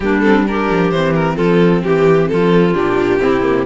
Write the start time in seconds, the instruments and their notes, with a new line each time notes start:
0.00 cello G3, viola A#3, clarinet D4, violin G4
0.20 viola C4, violin A4
0.47 viola D4, clarinet G4, violin A#4
0.70 cello F3
0.90 cello E3, viola C4, violin C5
1.14 violin A#4
1.35 cello F3, clarinet F4, violin A4
1.83 cello E3, violin G4, clarinet G4
2.28 cello F3, clarinet F4, violin A4
2.73 cello A#2, viola D4, violin G4
3.20 cello C3, viola C4, clarinet E4
3.42 viola A#3